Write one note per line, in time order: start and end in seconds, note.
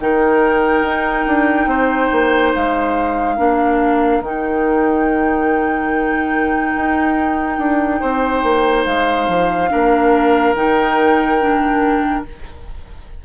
0.00 0.82 D#3
0.00 3.38 D#4
0.00 1.69 A#4
0.00 2.54 G5
0.82 1.25 D#4
1.27 1.67 D4
1.67 2.09 C4
1.67 3.36 C5
2.12 2.54 A#3
2.55 3.39 G#3
2.55 4.24 F5
3.36 4.21 A#3
3.36 4.23 D4
3.36 8.01 A#4
4.21 6.74 D#3
4.21 9.70 D#4
4.21 8.86 G5
6.77 7.59 D#4
7.59 8.01 D4
8.01 8.43 C4
8.01 9.70 C5
8.43 8.86 A#3
8.86 9.28 G#3
8.86 10.55 F5
9.28 9.70 F3
9.70 10.55 A#3
9.70 10.55 D4
9.70 12.25 A#4
10.55 12.24 D#3
10.55 11.41 D#4
10.55 12.25 G5
11.41 12.25 D4